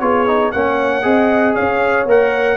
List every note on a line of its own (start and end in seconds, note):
0.00 0.53 B3
0.00 0.27 F4
0.00 0.53 G#4
0.00 0.52 C#5
0.27 0.53 D#4
0.52 1.05 A#3
0.52 1.03 C#4
0.52 1.04 C#5
0.52 1.55 F#5
1.03 1.56 C4
1.03 2.06 G#4
1.03 1.55 D#5
1.55 2.06 C#4
1.55 2.57 C#5
1.55 2.07 F5
2.06 2.57 A#3
2.06 2.57 A#4
2.06 2.57 F#5